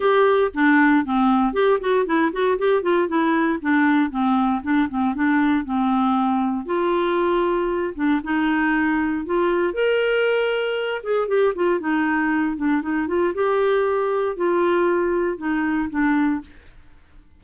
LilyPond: \new Staff \with { instrumentName = "clarinet" } { \time 4/4 \tempo 4 = 117 g'4 d'4 c'4 g'8 fis'8 | e'8 fis'8 g'8 f'8 e'4 d'4 | c'4 d'8 c'8 d'4 c'4~ | c'4 f'2~ f'8 d'8 |
dis'2 f'4 ais'4~ | ais'4. gis'8 g'8 f'8 dis'4~ | dis'8 d'8 dis'8 f'8 g'2 | f'2 dis'4 d'4 | }